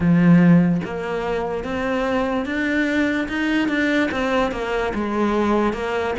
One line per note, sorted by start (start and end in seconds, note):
0.00 0.81 F3
0.84 1.64 A#3
1.64 2.45 C4
2.45 3.27 D4
3.28 3.68 D#4
3.68 4.09 D4
4.11 4.51 C4
4.51 4.92 A#3
4.94 5.73 G#3
5.73 6.14 A#3